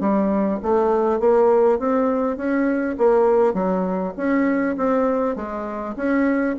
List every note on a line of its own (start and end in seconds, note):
0.00 0.59 G3
0.63 1.20 A3
1.20 1.79 A#3
1.79 2.37 C4
2.37 2.96 C#4
2.98 3.54 A#3
3.54 4.13 F#3
4.17 4.76 C#4
4.77 5.36 C4
5.36 5.95 G#3
5.96 6.56 C#4